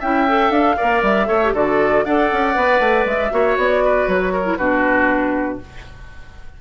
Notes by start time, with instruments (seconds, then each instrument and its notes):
0.00 bassoon C#4, clarinet E4, oboe E5, flute G5
0.28 clarinet A4
0.50 bassoon D4, flute F5
0.77 bassoon A#3, clarinet A#4, oboe D5
1.03 bassoon G3, flute E5
1.26 bassoon A3, clarinet A4, oboe C#5
1.44 clarinet G4
1.53 bassoon D3, clarinet F#4, oboe A4, flute D5
2.05 bassoon D4, clarinet A4, oboe D5, flute F#5
2.32 bassoon C#4
2.55 bassoon B3, clarinet B4
2.80 bassoon A3
3.05 bassoon G#3, flute E5
3.31 bassoon A#3, clarinet F#4, oboe C#5
3.57 bassoon B3, flute D5
3.84 oboe B4
4.08 bassoon F#3, flute C#5
4.33 oboe A#4
4.45 clarinet E4
4.57 bassoon B2, clarinet D4, oboe F#4, flute B4